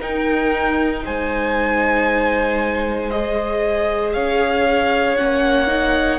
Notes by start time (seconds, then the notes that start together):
0.00 D#4 A#4 G5
1.06 G#3 C5 G#5
3.11 G#4 D#5
4.14 C#4 C#5 F5
5.17 A#3 C#4 F#5
5.67 D#4